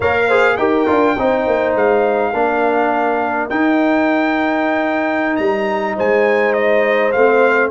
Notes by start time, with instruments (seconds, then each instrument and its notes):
0.00 tuba A#3, trombone A#4, horn C#5, trumpet F5
0.27 trombone G#4, horn C5
0.57 tuba D#4, trombone G4, horn A#4, trumpet G5
0.87 tuba D4, trombone F4
1.17 tuba C4, trombone D#4, horn C5
1.46 tuba A#3
1.75 tuba G#3, trumpet F5
2.33 tuba A#3, trombone D4, horn A#4
3.49 tuba D#4, trombone D#4, trumpet G5
5.36 tuba G3, trumpet A#5
5.96 tuba G#3, horn C5, trumpet G#5
6.53 trumpet D#5
7.11 tuba A3, trombone C4, trumpet F5